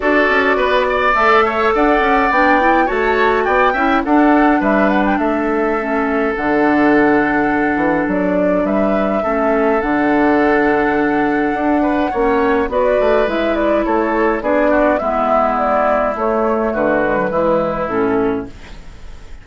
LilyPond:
<<
  \new Staff \with { instrumentName = "flute" } { \time 4/4 \tempo 4 = 104 d''2 e''4 fis''4 | g''4 a''4 g''4 fis''4 | e''8 fis''16 g''16 e''2 fis''4~ | fis''2 d''4 e''4~ |
e''4 fis''2.~ | fis''2 d''4 e''8 d''8 | cis''4 d''4 e''4 d''4 | cis''4 b'2 a'4 | }
  \new Staff \with { instrumentName = "oboe" } { \time 4/4 a'4 b'8 d''4 cis''8 d''4~ | d''4 cis''4 d''8 e''8 a'4 | b'4 a'2.~ | a'2. b'4 |
a'1~ | a'8 b'8 cis''4 b'2 | a'4 gis'8 fis'8 e'2~ | e'4 fis'4 e'2 | }
  \new Staff \with { instrumentName = "clarinet" } { \time 4/4 fis'2 a'2 | d'8 e'8 fis'4. e'8 d'4~ | d'2 cis'4 d'4~ | d'1 |
cis'4 d'2.~ | d'4 cis'4 fis'4 e'4~ | e'4 d'4 b2 | a4. gis16 fis16 gis4 cis'4 | }
  \new Staff \with { instrumentName = "bassoon" } { \time 4/4 d'8 cis'8 b4 a4 d'8 cis'8 | b4 a4 b8 cis'8 d'4 | g4 a2 d4~ | d4. e8 fis4 g4 |
a4 d2. | d'4 ais4 b8 a8 gis4 | a4 b4 gis2 | a4 d4 e4 a,4 | }
>>